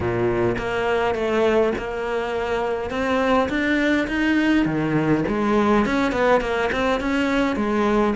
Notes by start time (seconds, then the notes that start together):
0.00 A#2
0.57 A#3
1.14 A3
1.77 A#3
2.90 C4
3.49 D4
4.07 D#4
4.65 D#3
5.27 G#3
5.85 C#4
6.11 B3
6.40 A#3
6.71 C4
7.00 C#4
7.56 G#3